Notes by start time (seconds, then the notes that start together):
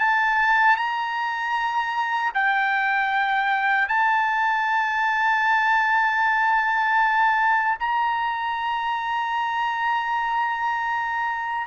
0.00 A5
0.77 A#5
2.35 G5
3.89 A5
7.80 A#5